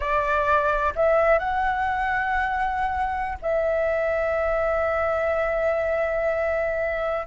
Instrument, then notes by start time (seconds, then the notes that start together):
flute
0.00 D5
0.95 E5
1.38 F#5
3.42 E5